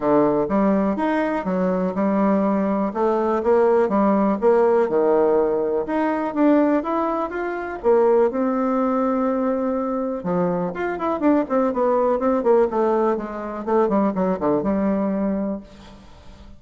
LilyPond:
\new Staff \with { instrumentName = "bassoon" } { \time 4/4 \tempo 4 = 123 d4 g4 dis'4 fis4 | g2 a4 ais4 | g4 ais4 dis2 | dis'4 d'4 e'4 f'4 |
ais4 c'2.~ | c'4 f4 f'8 e'8 d'8 c'8 | b4 c'8 ais8 a4 gis4 | a8 g8 fis8 d8 g2 | }